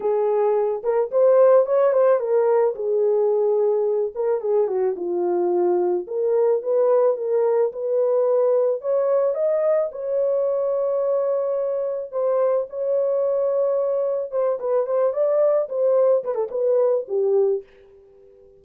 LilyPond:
\new Staff \with { instrumentName = "horn" } { \time 4/4 \tempo 4 = 109 gis'4. ais'8 c''4 cis''8 c''8 | ais'4 gis'2~ gis'8 ais'8 | gis'8 fis'8 f'2 ais'4 | b'4 ais'4 b'2 |
cis''4 dis''4 cis''2~ | cis''2 c''4 cis''4~ | cis''2 c''8 b'8 c''8 d''8~ | d''8 c''4 b'16 a'16 b'4 g'4 | }